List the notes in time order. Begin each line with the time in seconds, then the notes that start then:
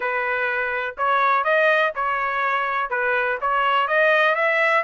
0.00 B4
0.97 C#5
1.44 D#5
1.95 C#5
2.90 B4
3.41 C#5
3.87 D#5
4.35 E5